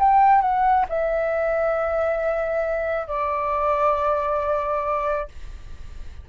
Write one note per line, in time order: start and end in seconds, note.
0.00 0.42 G5
0.42 0.86 F#5
0.89 3.08 E5
3.08 5.29 D5